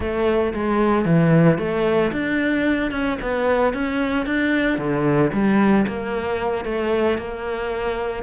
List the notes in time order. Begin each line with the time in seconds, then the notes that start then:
0.00 A3
0.53 G#3
1.05 E3
1.58 A3
2.12 D4
2.91 C#4
3.21 B3
3.73 C#4
4.26 D4
4.78 D3
5.32 G3
5.87 A#3
6.64 A3
7.18 A#3